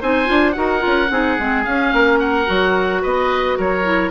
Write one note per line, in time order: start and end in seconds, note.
0.00 0.29 C4
0.00 0.25 D#4
0.00 0.55 C5
0.00 0.52 G#5
0.25 0.56 D4
0.25 0.53 F4
0.52 0.84 D#4
0.52 0.79 F#4
0.52 1.11 A#4
0.52 1.62 F#5
0.79 1.06 F4
0.86 1.10 C#4
1.10 1.37 C4
1.10 1.38 D#4
1.10 1.94 G#4
1.38 1.66 G#3
1.38 1.65 C4
1.64 1.92 C#4
1.64 2.45 C#4
1.64 2.19 F5
1.92 2.47 A#3
1.92 3.01 A#4
2.19 3.02 F#5
2.45 3.04 F#3
2.45 3.83 F#4
3.01 3.58 B3
3.01 3.56 B4
3.01 3.58 D#5
3.57 4.10 F#3
3.57 4.10 A#4
3.57 4.10 C#5
3.83 4.10 E4